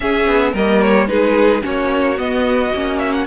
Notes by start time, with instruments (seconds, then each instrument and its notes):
0.00 viola C#4, cello C#4, violin G#4 E5
0.26 cello B3
0.52 cello G3, viola A#3, violin A#4 D#5
0.81 violin C#5
1.07 cello G#3, viola D#4, violin G#4 B4
1.61 cello A#3, viola C#4, violin F#4 C#5
2.16 viola B3, cello B3, violin D#5
2.74 cello A#3, viola C#4
2.99 violin E5
3.12 violin F#5